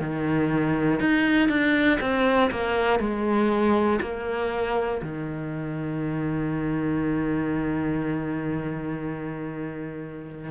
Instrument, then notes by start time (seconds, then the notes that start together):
cello
0.00 D#3
1.00 D#4
1.48 D4
2.00 C4
2.50 A#3
2.99 G#3
4.00 A#3
5.01 D#3